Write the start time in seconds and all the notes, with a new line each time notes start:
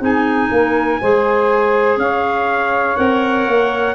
0.00 C4 D#4 G#4 G#5
0.51 A#3 A#4
1.01 G#3 G#4 C5
1.97 C#4 C#5 F5
2.97 C4 A#4 F#5
3.47 A#3